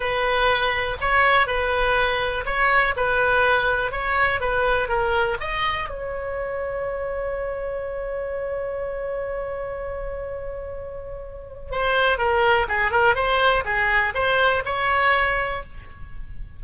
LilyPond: \new Staff \with { instrumentName = "oboe" } { \time 4/4 \tempo 4 = 123 b'2 cis''4 b'4~ | b'4 cis''4 b'2 | cis''4 b'4 ais'4 dis''4 | cis''1~ |
cis''1~ | cis''1 | c''4 ais'4 gis'8 ais'8 c''4 | gis'4 c''4 cis''2 | }